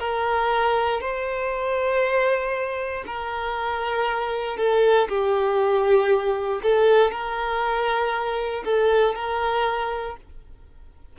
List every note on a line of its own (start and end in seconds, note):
0.00 1.01 A#4
1.01 3.05 C5
3.06 4.58 A#4
4.58 5.08 A4
5.09 6.61 G4
6.63 7.11 A4
7.11 8.64 A#4
8.65 9.15 A4
9.15 10.17 A#4